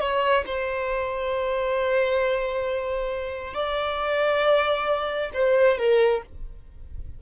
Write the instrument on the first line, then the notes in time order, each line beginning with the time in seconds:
violin
0.00 C#5
0.46 C5
3.54 D5
5.33 C5
5.78 A#4